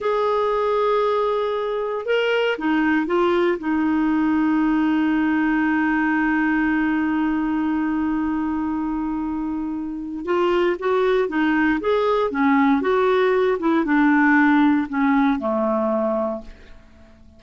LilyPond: \new Staff \with { instrumentName = "clarinet" } { \time 4/4 \tempo 4 = 117 gis'1 | ais'4 dis'4 f'4 dis'4~ | dis'1~ | dis'1~ |
dis'1 | f'4 fis'4 dis'4 gis'4 | cis'4 fis'4. e'8 d'4~ | d'4 cis'4 a2 | }